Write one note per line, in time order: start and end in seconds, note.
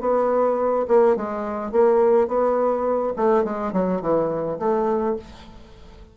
0.00 0.86 B3
0.87 1.16 A#3
1.16 1.71 G#3
1.71 2.27 A#3
2.27 3.13 B3
3.16 3.44 A3
3.44 3.72 G#3
3.72 4.01 F#3
4.01 4.58 E3
4.59 5.16 A3